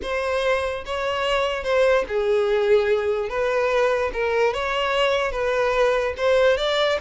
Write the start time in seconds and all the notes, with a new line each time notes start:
0.02 C5
0.85 C#5
1.63 C5
2.08 G#4
3.29 B4
4.13 A#4
4.53 C#5
5.31 B4
6.17 C5
6.57 D5